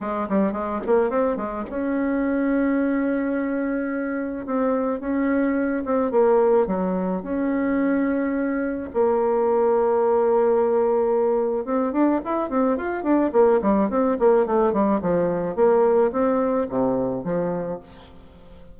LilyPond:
\new Staff \with { instrumentName = "bassoon" } { \time 4/4 \tempo 4 = 108 gis8 g8 gis8 ais8 c'8 gis8 cis'4~ | cis'1 | c'4 cis'4. c'8 ais4 | fis4 cis'2. |
ais1~ | ais4 c'8 d'8 e'8 c'8 f'8 d'8 | ais8 g8 c'8 ais8 a8 g8 f4 | ais4 c'4 c4 f4 | }